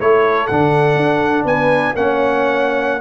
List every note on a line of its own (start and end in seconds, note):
0.00 0.49 A3
0.00 0.48 E4
0.00 1.46 A4
0.00 0.47 C#5
0.47 0.96 D3
0.47 1.96 D4
0.47 1.44 F#5
0.96 1.44 D4
1.45 1.93 B3
1.45 1.94 B4
1.45 1.95 G#5
1.95 3.01 A#3
1.95 3.01 C#4
1.95 3.01 C#5
1.95 3.01 F#5